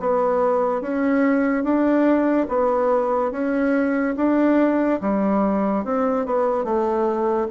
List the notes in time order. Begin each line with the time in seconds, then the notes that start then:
0.00 B3
0.81 C#4
1.64 D4
2.49 B3
3.32 C#4
4.17 D4
5.01 G3
5.84 C4
6.26 B3
6.64 A3